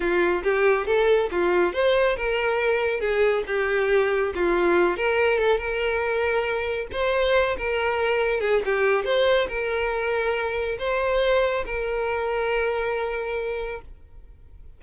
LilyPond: \new Staff \with { instrumentName = "violin" } { \time 4/4 \tempo 4 = 139 f'4 g'4 a'4 f'4 | c''4 ais'2 gis'4 | g'2 f'4. ais'8~ | ais'8 a'8 ais'2. |
c''4. ais'2 gis'8 | g'4 c''4 ais'2~ | ais'4 c''2 ais'4~ | ais'1 | }